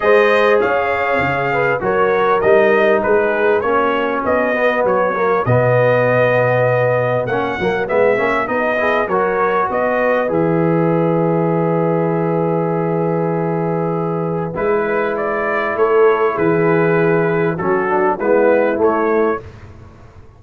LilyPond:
<<
  \new Staff \with { instrumentName = "trumpet" } { \time 4/4 \tempo 4 = 99 dis''4 f''2 cis''4 | dis''4 b'4 cis''4 dis''4 | cis''4 dis''2. | fis''4 e''4 dis''4 cis''4 |
dis''4 e''2.~ | e''1 | b'4 d''4 cis''4 b'4~ | b'4 a'4 b'4 cis''4 | }
  \new Staff \with { instrumentName = "horn" } { \time 4/4 c''4 cis''4. b'8 ais'4~ | ais'4 gis'4 fis'2~ | fis'1~ | fis'2~ fis'8 gis'8 ais'4 |
b'1~ | b'1~ | b'2 a'4 gis'4~ | gis'4 fis'4 e'2 | }
  \new Staff \with { instrumentName = "trombone" } { \time 4/4 gis'2. fis'4 | dis'2 cis'4. b8~ | b8 ais8 b2. | cis'8 ais8 b8 cis'8 dis'8 e'8 fis'4~ |
fis'4 gis'2.~ | gis'1 | e'1~ | e'4 cis'8 d'8 b4 a4 | }
  \new Staff \with { instrumentName = "tuba" } { \time 4/4 gis4 cis'4 cis4 fis4 | g4 gis4 ais4 b4 | fis4 b,2. | ais8 fis8 gis8 ais8 b4 fis4 |
b4 e2.~ | e1 | gis2 a4 e4~ | e4 fis4 gis4 a4 | }
>>